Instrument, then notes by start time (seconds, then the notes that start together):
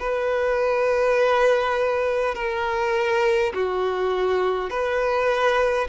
violin
0.00 B4
2.35 A#4
3.55 F#4
4.71 B4